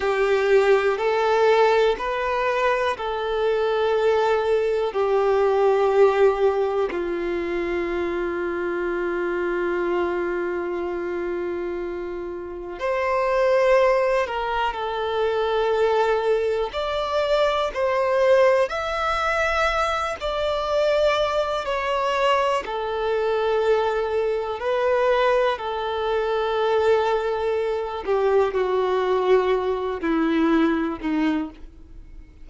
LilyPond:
\new Staff \with { instrumentName = "violin" } { \time 4/4 \tempo 4 = 61 g'4 a'4 b'4 a'4~ | a'4 g'2 f'4~ | f'1~ | f'4 c''4. ais'8 a'4~ |
a'4 d''4 c''4 e''4~ | e''8 d''4. cis''4 a'4~ | a'4 b'4 a'2~ | a'8 g'8 fis'4. e'4 dis'8 | }